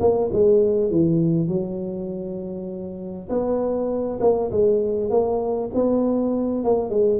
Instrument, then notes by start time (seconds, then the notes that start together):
tuba
0.00 A#3
0.32 G#3
0.91 E3
1.48 F#3
3.29 B3
4.21 A#3
4.51 G#3
5.10 A#3
5.74 B3
6.64 A#3
6.90 G#3